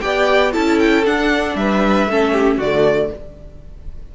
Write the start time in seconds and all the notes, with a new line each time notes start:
0.00 B3 G4 D5 G5
0.52 C#4 E4 A4 A5
0.79 G5
1.05 D4 F#5
1.55 G3 B4 E5
2.07 A3 C#4 A4
2.32 G4
2.57 D3 F#4 D5
2.63 A3